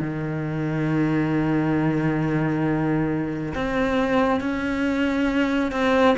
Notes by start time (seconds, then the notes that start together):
0.00 D#3
3.55 C4
4.40 C#4
5.71 C4